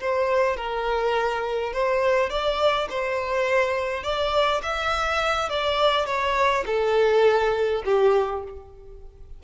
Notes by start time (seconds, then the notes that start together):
0.00 C5
0.56 A#4
1.73 C5
2.30 D5
2.90 C5
4.03 D5
4.63 E5
5.49 D5
6.06 C#5
6.66 A4
7.85 G4